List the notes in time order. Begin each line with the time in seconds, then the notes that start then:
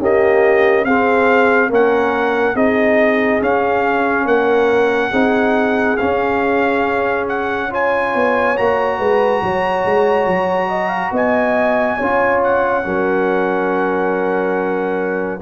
0.00 A#3 C#4 G4 D#5
0.85 C4 G#4 F5
1.70 A#3 C#4 A#4 F#5
2.55 C4 D#4 G#4 D#5
3.42 C#4 F5
4.26 A#3 A#4 F#5
5.11 C4 D#4 G#4
5.97 C#4 F5
7.29 F#5
7.71 F4 C#5 G#5
8.16 B3
8.57 A#3 F#4 A#5
8.99 G#3 B4
9.43 F#3 C#5
9.86 G#3
10.27 F#3
10.69 D#5
10.89 F5
11.12 B3 D#5 G#5
11.98 C#4 F4 C#5
12.43 F#5
12.84 F#3 C#4 A#4